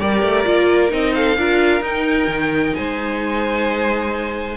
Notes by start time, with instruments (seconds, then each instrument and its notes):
0.00 cello G3, viola G4, violin A#4 D5
0.23 cello A3
0.45 cello A#3, viola F4
0.90 cello C4, viola D#4, violin D#5
1.15 violin A4 F5
1.38 cello D4, viola F4, violin A#4
1.82 cello D#4, viola D#4, violin G5
2.28 cello D#3
2.75 cello G#3, violin C5 G#5